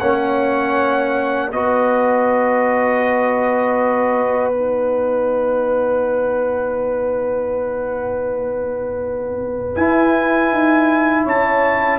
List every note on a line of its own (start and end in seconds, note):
0.00 1.51 A#3
0.00 1.53 C#4
0.00 1.51 C#5
0.00 1.50 F#5
1.51 9.76 B3
1.51 4.53 F#4
1.51 11.24 B4
1.51 4.50 D#5
4.50 9.76 D#4
4.50 9.75 F#5
9.75 11.99 E4
9.75 10.51 E4
9.75 11.25 G#5
10.51 11.26 D#4
11.24 11.99 C#4
11.24 11.99 C#5
11.24 11.99 A5